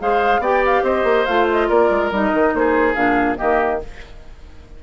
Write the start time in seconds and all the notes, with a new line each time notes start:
0.00 G#3 G#4 C5 F5
0.39 B3 G4 D5 G5
0.65 F5
0.83 C4 C5 D#5
1.04 A#3
1.26 A3 F4 F5
1.51 D#5
1.68 A#3 A#4 D5
1.90 G#3
2.11 G3 D#4 D#5
2.33 D#3
2.54 A#3 G#4 C5
2.94 A#2 D4 F5
3.37 D#3 A#3 G4 D#5